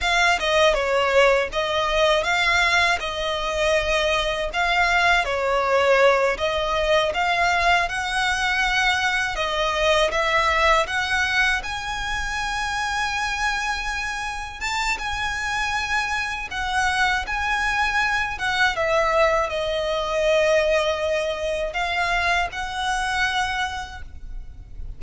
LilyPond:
\new Staff \with { instrumentName = "violin" } { \time 4/4 \tempo 4 = 80 f''8 dis''8 cis''4 dis''4 f''4 | dis''2 f''4 cis''4~ | cis''8 dis''4 f''4 fis''4.~ | fis''8 dis''4 e''4 fis''4 gis''8~ |
gis''2.~ gis''8 a''8 | gis''2 fis''4 gis''4~ | gis''8 fis''8 e''4 dis''2~ | dis''4 f''4 fis''2 | }